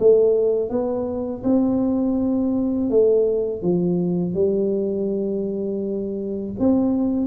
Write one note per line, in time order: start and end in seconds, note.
0.00 0.70 A3
0.70 1.43 B3
1.44 2.90 C4
2.90 3.62 A3
3.62 4.34 F3
4.34 6.54 G3
6.59 7.27 C4